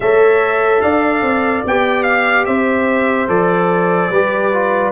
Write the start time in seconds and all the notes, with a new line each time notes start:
0.00 A3 A4 C#5 E5
0.81 D4 D5 F5
1.22 C4
1.65 B3 G4 G5
2.03 F5
2.45 C4 C5 E5
3.27 F3 A4 D5
4.10 G3 G4 B4
4.52 F4